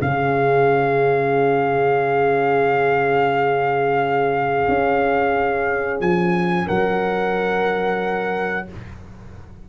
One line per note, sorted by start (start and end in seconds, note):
0.00 4.68 C#3
0.00 8.67 C#4
0.00 6.66 G#4
0.00 6.01 F5
4.69 6.00 C#4
6.00 6.67 F3
6.00 6.68 G#5
6.66 8.69 F#3
6.66 8.66 A#4
6.66 8.68 F#5